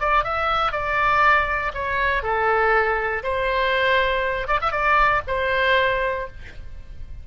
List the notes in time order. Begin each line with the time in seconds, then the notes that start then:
0.00 D5
0.24 E5
0.72 D5
1.74 C#5
2.23 A4
3.23 C5
4.48 D5
4.62 E5
4.72 D5
5.27 C5